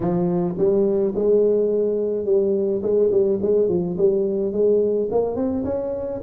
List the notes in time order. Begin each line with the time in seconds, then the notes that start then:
0.00 F3
0.58 G3
1.15 G#3
2.25 G3
2.82 G#3
3.11 G3
3.42 G#3
3.68 F3
3.97 G3
4.52 G#3
5.11 A#3
5.35 C4
5.64 C#4